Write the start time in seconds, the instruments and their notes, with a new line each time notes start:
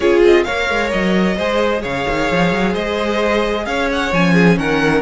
0.00 cello C#4, viola F4, violin G#4 C#5
0.22 cello C4, violin D#5
0.44 cello A#3, viola A#4, violin C#5 F5
0.69 cello G#3
0.91 cello F#3, violin D#5
1.36 cello G#3, viola G#4, violin C5
1.81 cello C#3, violin C#5 F5
2.09 cello D#3
2.31 cello F3
2.52 cello F#3
2.72 cello G#3, violin C5 D#5
3.65 cello C#4, violin C#5 F5
3.92 violin F#5
4.12 cello F3, viola C#4, violin G#5
4.33 violin G#4
4.57 cello D#3, violin A#4 F#5